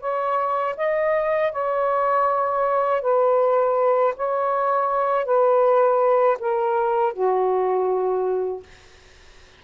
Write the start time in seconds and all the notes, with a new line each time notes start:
0.00 C#5
0.77 D#5
1.52 C#5
3.01 B4
4.16 C#5
5.25 B4
6.39 A#4
7.13 F#4